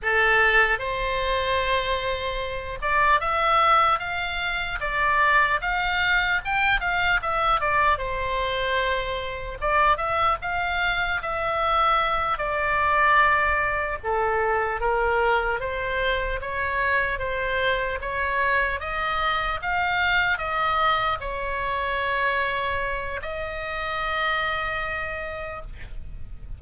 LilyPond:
\new Staff \with { instrumentName = "oboe" } { \time 4/4 \tempo 4 = 75 a'4 c''2~ c''8 d''8 | e''4 f''4 d''4 f''4 | g''8 f''8 e''8 d''8 c''2 | d''8 e''8 f''4 e''4. d''8~ |
d''4. a'4 ais'4 c''8~ | c''8 cis''4 c''4 cis''4 dis''8~ | dis''8 f''4 dis''4 cis''4.~ | cis''4 dis''2. | }